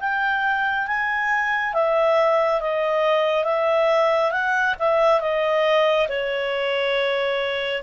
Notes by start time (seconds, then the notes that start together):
0.00 G5
0.87 G#5
1.74 E5
2.61 D#5
3.44 E5
4.31 F#5
4.79 E5
5.20 D#5
6.09 C#5